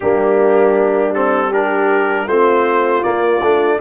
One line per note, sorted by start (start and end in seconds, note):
0.00 2.26 G3
0.00 1.14 A#3
0.00 1.49 D4
0.00 1.14 G4
1.14 1.52 C4
1.14 1.52 A4
1.49 2.28 D4
1.49 2.25 G4
1.49 2.28 A#4
2.26 3.02 A3
2.26 3.02 C4
2.26 3.79 F4
2.26 3.03 C5
3.02 3.40 A#3
3.02 3.41 A#3
3.02 3.79 D5
3.41 3.79 A3
3.41 3.81 D4